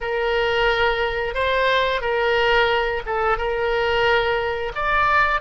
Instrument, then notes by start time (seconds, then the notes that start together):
oboe
0.00 A#4
1.34 C5
2.01 A#4
3.06 A4
3.37 A#4
4.75 D5